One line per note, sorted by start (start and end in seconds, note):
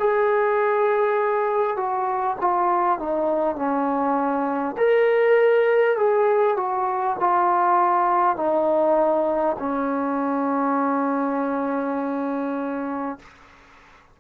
0.00 1.77 G#4
1.77 2.37 F#4
2.41 2.99 F4
2.99 3.56 D#4
3.56 4.76 C#4
4.78 5.97 A#4
5.97 6.57 G#4
6.57 7.17 F#4
7.21 8.37 F4
8.37 9.57 D#4
9.59 13.19 C#4